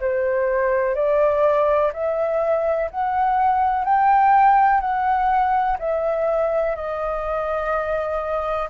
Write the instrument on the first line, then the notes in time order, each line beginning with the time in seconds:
flute
0.00 C5
0.95 D5
1.93 E5
2.90 F#5
3.84 G5
4.80 F#5
5.78 E5
6.75 D#5